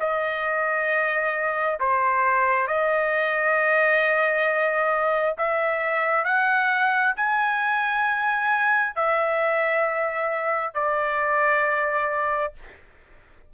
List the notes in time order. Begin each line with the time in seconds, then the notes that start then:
0.00 D#5
1.80 C5
2.67 D#5
5.38 E5
6.25 F#5
7.16 G#5
8.96 E5
10.75 D5